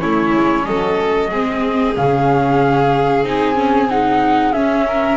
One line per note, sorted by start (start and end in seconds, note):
0.00 0.35 A3
0.00 1.29 C#4
0.00 0.66 E4
0.00 0.65 C#5
0.35 0.67 G#3
0.65 1.32 F#3
0.65 1.30 A4
0.65 1.94 D#5
1.30 1.96 G#3
1.30 1.95 C4
1.30 4.85 G#4
1.95 3.23 C#3
1.95 3.24 C#4
1.95 3.25 F5
3.23 4.52 C4
3.23 3.55 D#4
3.23 3.90 G#5
3.55 3.87 C#4
3.90 4.54 D#4
3.90 4.53 F#5
4.53 5.17 C#4
4.53 5.17 E5
4.87 5.17 A#4